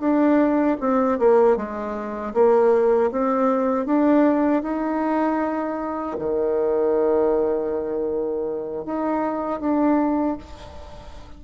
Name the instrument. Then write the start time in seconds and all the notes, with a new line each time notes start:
bassoon
0.00 D4
0.80 C4
1.19 A#3
1.57 G#3
2.34 A#3
3.12 C4
3.86 D4
4.63 D#4
6.19 D#3
8.85 D#4
9.60 D4